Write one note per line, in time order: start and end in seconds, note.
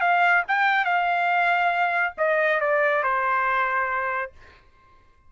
0.00 0.43 F5
0.48 0.85 G5
0.85 2.13 F5
2.17 2.60 D#5
2.60 3.03 D5
3.03 4.31 C5